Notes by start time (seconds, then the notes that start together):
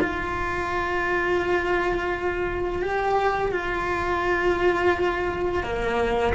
0.00 F4
2.82 G4
3.51 F4
5.63 A#3